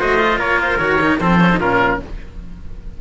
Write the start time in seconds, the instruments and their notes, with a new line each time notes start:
0.00 cello A3 F#4, trumpet C5, oboe D#5
0.19 cello F4
0.38 cello A#3, trumpet A#4, oboe C#5
0.63 oboe C5
0.78 cello D#3 F#4, oboe C#5
1.02 cello D#4
1.20 cello F3 C4, trumpet A4, oboe C5
1.41 cello C#4
1.51 cello D#4
1.59 cello A#2 C#4, trumpet F4, oboe A#4